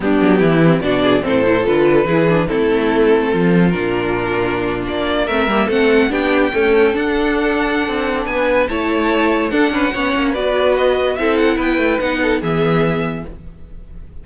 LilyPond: <<
  \new Staff \with { instrumentName = "violin" } { \time 4/4 \tempo 4 = 145 g'2 d''4 c''4 | b'2 a'2~ | a'4 ais'2~ ais'8. d''16~ | d''8. e''4 fis''4 g''4~ g''16~ |
g''8. fis''2.~ fis''16 | gis''4 a''2 fis''4~ | fis''4 d''4 dis''4 e''8 fis''8 | g''4 fis''4 e''2 | }
  \new Staff \with { instrumentName = "violin" } { \time 4/4 d'4 e'4 fis'8 gis'8 a'4~ | a'4 gis'4 e'2 | f'1~ | f'8. ais'4 a'4 g'4 a'16~ |
a'1 | b'4 cis''2 a'8 b'8 | cis''4 b'2 a'4 | b'4. a'8 gis'2 | }
  \new Staff \with { instrumentName = "viola" } { \time 4/4 b4. c'8 d'4 c'8 e'8 | f'4 e'8 d'8 c'2~ | c'4 d'2.~ | d'8. c'8 ais8 c'4 d'4 a16~ |
a8. d'2.~ d'16~ | d'4 e'2 d'4 | cis'4 fis'2 e'4~ | e'4 dis'4 b2 | }
  \new Staff \with { instrumentName = "cello" } { \time 4/4 g8 fis8 e4 b,4 a,4 | d4 e4 a2 | f4 ais,2~ ais,8. ais16~ | ais8. a8 g8 a4 b4 cis'16~ |
cis'8. d'2~ d'16 c'4 | b4 a2 d'8 cis'8 | b8 ais8 b2 c'4 | b8 a8 b4 e2 | }
>>